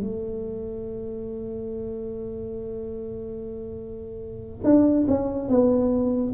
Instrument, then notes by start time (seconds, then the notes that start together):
tuba
0.00 A3
4.64 D4
5.07 C#4
5.48 B3